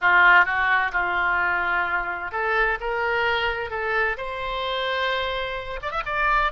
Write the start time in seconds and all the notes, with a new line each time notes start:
0.01 F4
0.45 F#4
0.92 F4
2.31 A4
2.80 A#4
3.70 A4
4.17 C5
5.82 D5
5.91 E5
6.05 D5